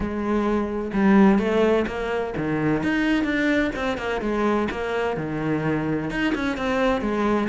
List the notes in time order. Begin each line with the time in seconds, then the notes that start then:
0.00 G#3
0.93 G3
1.38 A3
1.87 A#3
2.37 D#3
2.83 D#4
3.23 D4
3.75 C4
3.97 A#3
4.21 G#3
4.70 A#3
5.16 D#3
6.10 D#4
6.35 C#4
6.57 C4
7.01 G#3